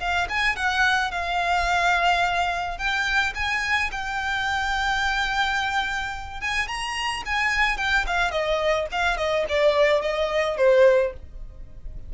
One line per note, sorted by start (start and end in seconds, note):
0.00 0.28 F5
0.29 0.56 G#5
0.56 1.11 F#5
1.11 2.78 F5
2.78 3.34 G5
3.35 3.91 G#5
3.92 6.41 G5
6.41 6.68 G#5
6.68 7.23 A#5
7.26 7.78 G#5
7.78 8.05 G5
8.07 8.31 F5
8.31 8.87 D#5
8.92 9.18 F5
9.18 9.45 D#5
9.49 10.02 D5
10.02 10.58 D#5
10.58 11.13 C5